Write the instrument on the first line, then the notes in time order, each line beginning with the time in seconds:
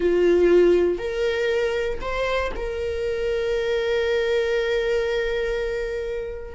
viola
0.00 F4
0.98 A#4
2.01 C5
2.56 A#4